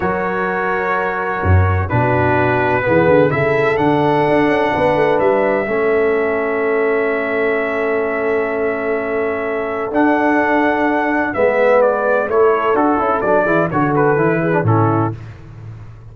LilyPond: <<
  \new Staff \with { instrumentName = "trumpet" } { \time 4/4 \tempo 4 = 127 cis''1 | b'2. e''4 | fis''2. e''4~ | e''1~ |
e''1~ | e''4 fis''2. | e''4 d''4 cis''4 a'4 | d''4 cis''8 b'4. a'4 | }
  \new Staff \with { instrumentName = "horn" } { \time 4/4 ais'1 | fis'2 gis'4 a'4~ | a'2 b'2 | a'1~ |
a'1~ | a'1 | b'2 a'2~ | a'8 gis'8 a'4. gis'8 e'4 | }
  \new Staff \with { instrumentName = "trombone" } { \time 4/4 fis'1 | d'2 b4 e'4 | d'1 | cis'1~ |
cis'1~ | cis'4 d'2. | b2 e'4 fis'8 e'8 | d'8 e'8 fis'4 e'8. d'16 cis'4 | }
  \new Staff \with { instrumentName = "tuba" } { \time 4/4 fis2. fis,4 | b,2 e8 d8 cis4 | d4 d'8 cis'8 b8 a8 g4 | a1~ |
a1~ | a4 d'2. | gis2 a4 d'8 cis'8 | fis8 e8 d4 e4 a,4 | }
>>